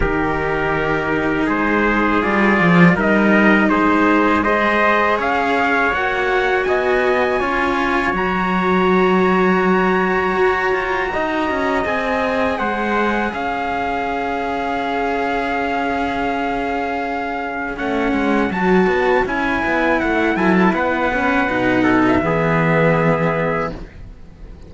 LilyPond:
<<
  \new Staff \with { instrumentName = "trumpet" } { \time 4/4 \tempo 4 = 81 ais'2 c''4 d''4 | dis''4 c''4 dis''4 f''4 | fis''4 gis''2 ais''4~ | ais''1 |
gis''4 fis''4 f''2~ | f''1 | fis''4 a''4 gis''4 fis''8 gis''16 a''16 | fis''4.~ fis''16 e''2~ e''16 | }
  \new Staff \with { instrumentName = "trumpet" } { \time 4/4 g'2 gis'2 | ais'4 gis'4 c''4 cis''4~ | cis''4 dis''4 cis''2~ | cis''2. dis''4~ |
dis''4 c''4 cis''2~ | cis''1~ | cis''2.~ cis''8 a'8 | b'4. a'8 gis'2 | }
  \new Staff \with { instrumentName = "cello" } { \time 4/4 dis'2. f'4 | dis'2 gis'2 | fis'2 f'4 fis'4~ | fis'1 |
gis'1~ | gis'1 | cis'4 fis'4 e'2~ | e'8 cis'8 dis'4 b2 | }
  \new Staff \with { instrumentName = "cello" } { \time 4/4 dis2 gis4 g8 f8 | g4 gis2 cis'4 | ais4 b4 cis'4 fis4~ | fis2 fis'8 f'8 dis'8 cis'8 |
c'4 gis4 cis'2~ | cis'1 | a8 gis8 fis8 b8 cis'8 b8 a8 fis8 | b4 b,4 e2 | }
>>